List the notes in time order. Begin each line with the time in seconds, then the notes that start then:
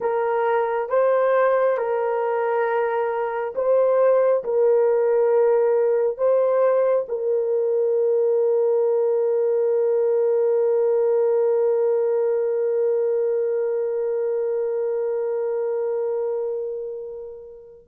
0.00 A#4
0.89 C5
1.77 A#4
3.55 C5
4.44 A#4
6.17 C5
7.08 A#4